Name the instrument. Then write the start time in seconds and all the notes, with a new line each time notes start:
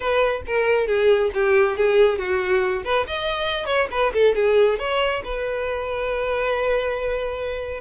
violin
0.00 B4
0.46 A#4
0.87 G#4
1.34 G4
1.76 G#4
2.18 F#4
2.84 B4
3.07 D#5
3.65 C#5
3.91 B4
4.13 A4
4.35 G#4
4.78 C#5
5.24 B4